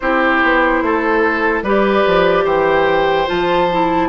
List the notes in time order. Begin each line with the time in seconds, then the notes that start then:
0.00 C4 E4 G4 C5
0.42 B3
0.82 A3 A4
1.62 G3 G4 B4 D5
2.06 F3
2.44 E3 C5 G5
3.27 F3 F4 A5
3.71 E4